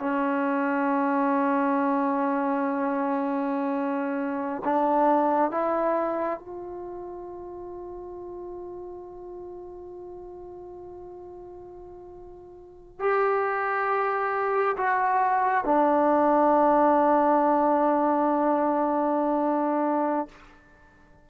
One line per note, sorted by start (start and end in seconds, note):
0.00 4.63 C#4
4.65 5.51 D4
5.51 6.40 E4
6.40 13.00 F4
13.00 14.77 G4
14.78 15.65 F#4
15.65 20.29 D4